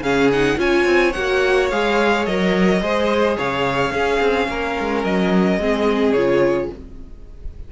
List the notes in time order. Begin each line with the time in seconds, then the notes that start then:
0.00 C#3 C#4 G#4 F5
0.32 D#4 F#5
0.57 C#4 F4 C#5 G#5
0.86 C4
1.13 A#3 F#4 F#5
1.71 G#3 G#4 F5
2.26 F#3 A#4 D#5
2.82 G#3 G#4 C5
3.37 C#3 C#5 F5
3.91 C#4 G#4
4.20 C4
4.48 A#3 A#4
4.80 G#3
5.04 F#3 D#5
5.58 G#3 C4 G#4
6.13 C#3 F4 C#5